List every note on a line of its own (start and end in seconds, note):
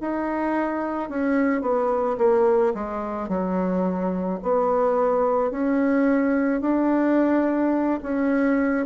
0.00 1.09 D#4
1.09 1.61 C#4
1.61 2.17 B3
2.18 2.73 A#3
2.74 3.28 G#3
3.28 4.39 F#3
4.42 5.51 B3
5.51 6.61 C#4
6.61 7.99 D4
8.03 8.86 C#4